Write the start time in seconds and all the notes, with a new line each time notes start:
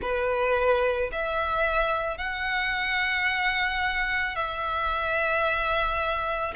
0.01 B4
1.12 E5
2.17 F#5
4.35 E5